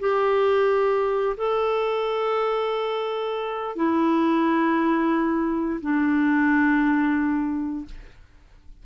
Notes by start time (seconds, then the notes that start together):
0.00 G4
1.38 A4
3.76 E4
5.81 D4